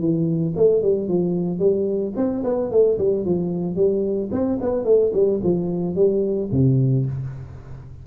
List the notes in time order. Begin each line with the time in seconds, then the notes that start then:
0.00 E3
0.56 A3
0.82 G3
1.08 F3
1.59 G3
2.16 C4
2.44 B3
2.71 A3
2.98 G3
3.25 F3
3.76 G3
4.32 C4
4.61 B3
4.85 A3
5.13 G3
5.43 F3
5.95 G3
6.52 C3